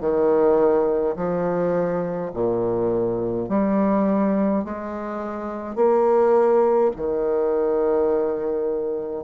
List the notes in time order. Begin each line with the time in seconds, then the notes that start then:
0.00 D#3
1.15 F3
2.33 A#2
3.48 G3
4.64 G#3
5.75 A#3
6.96 D#3